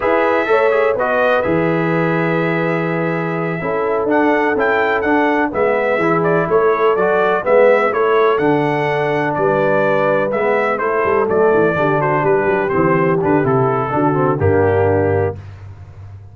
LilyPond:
<<
  \new Staff \with { instrumentName = "trumpet" } { \time 4/4 \tempo 4 = 125 e''2 dis''4 e''4~ | e''1~ | e''8 fis''4 g''4 fis''4 e''8~ | e''4 d''8 cis''4 d''4 e''8~ |
e''8 cis''4 fis''2 d''8~ | d''4. e''4 c''4 d''8~ | d''4 c''8 b'4 c''4 b'8 | a'2 g'2 | }
  \new Staff \with { instrumentName = "horn" } { \time 4/4 b'4 cis''4 b'2~ | b'2.~ b'8 a'8~ | a'2.~ a'8 b'8~ | b'8 gis'4 a'2 b'8~ |
b'8 a'2. b'8~ | b'2~ b'8 a'4.~ | a'8 g'8 fis'8 g'2~ g'8~ | g'4 fis'4 d'2 | }
  \new Staff \with { instrumentName = "trombone" } { \time 4/4 gis'4 a'8 gis'8 fis'4 gis'4~ | gis'2.~ gis'8 e'8~ | e'8 d'4 e'4 d'4 b8~ | b8 e'2 fis'4 b8~ |
b8 e'4 d'2~ d'8~ | d'4. b4 e'4 a8~ | a8 d'2 c'4 d'8 | e'4 d'8 c'8 ais2 | }
  \new Staff \with { instrumentName = "tuba" } { \time 4/4 e'4 a4 b4 e4~ | e2.~ e8 cis'8~ | cis'8 d'4 cis'4 d'4 gis8~ | gis8 e4 a4 fis4 gis8~ |
gis8 a4 d2 g8~ | g4. gis4 a8 g8 fis8 | e8 d4 g8 fis8 e4 d8 | c4 d4 g,2 | }
>>